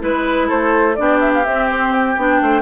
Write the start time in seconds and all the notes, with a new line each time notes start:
0.00 G#3 E4 B4
0.48 A3 A4 C5
0.95 B3 D4 G4 D5
1.20 E5
1.34 F5
1.46 C4 E5
1.70 C5
1.93 G5
2.17 B3 D4
2.42 A3 C5